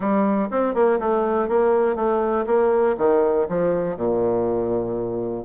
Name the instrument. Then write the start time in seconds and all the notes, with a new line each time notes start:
bassoon
0.00 G3
0.50 C4
0.74 A#3
0.99 A3
1.48 A#3
1.95 A3
2.46 A#3
2.97 D#3
3.48 F3
3.96 A#2